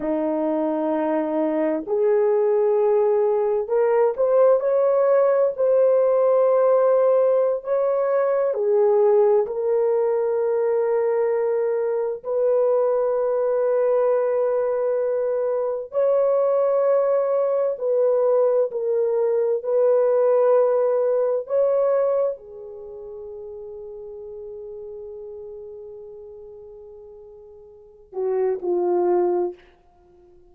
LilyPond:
\new Staff \with { instrumentName = "horn" } { \time 4/4 \tempo 4 = 65 dis'2 gis'2 | ais'8 c''8 cis''4 c''2~ | c''16 cis''4 gis'4 ais'4.~ ais'16~ | ais'4~ ais'16 b'2~ b'8.~ |
b'4~ b'16 cis''2 b'8.~ | b'16 ais'4 b'2 cis''8.~ | cis''16 gis'2.~ gis'8.~ | gis'2~ gis'8 fis'8 f'4 | }